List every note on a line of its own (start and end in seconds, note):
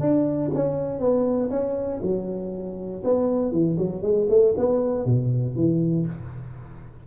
0.00 0.50 D4
0.54 0.99 C#4
0.99 1.50 B3
1.50 2.01 C#4
2.03 3.03 F#3
3.04 3.52 B3
3.52 3.77 E3
3.78 4.02 F#3
4.02 4.27 G#3
4.29 4.54 A3
4.57 5.05 B3
5.05 5.56 B2
5.56 6.06 E3